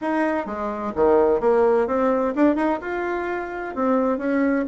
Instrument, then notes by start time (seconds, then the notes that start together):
bassoon
0.01 D#4
0.46 G#3
0.95 D#3
1.40 A#3
1.87 C4
2.35 D4
2.55 D#4
2.81 F4
3.75 C4
4.18 C#4